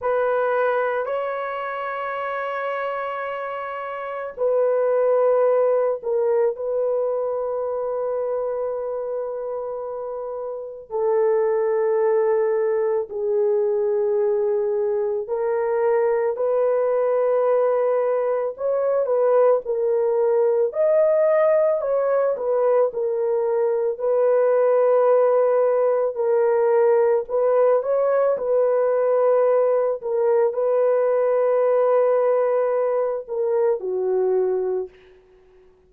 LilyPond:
\new Staff \with { instrumentName = "horn" } { \time 4/4 \tempo 4 = 55 b'4 cis''2. | b'4. ais'8 b'2~ | b'2 a'2 | gis'2 ais'4 b'4~ |
b'4 cis''8 b'8 ais'4 dis''4 | cis''8 b'8 ais'4 b'2 | ais'4 b'8 cis''8 b'4. ais'8 | b'2~ b'8 ais'8 fis'4 | }